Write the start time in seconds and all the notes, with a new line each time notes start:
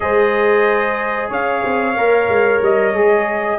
0.00 G#3 G#4 C5 D#5
1.29 C#4 C#5 F5
1.63 C4
1.96 A#3 A#4
2.28 G#3
2.61 G3 D#5
2.92 G#3 G#4